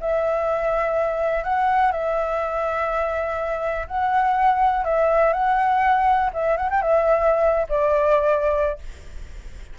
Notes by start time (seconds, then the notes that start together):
0.00 E5
1.44 F#5
1.92 E5
3.87 F#5
4.84 E5
5.33 F#5
6.33 E5
6.57 F#5
6.70 G5
6.81 E5
7.69 D5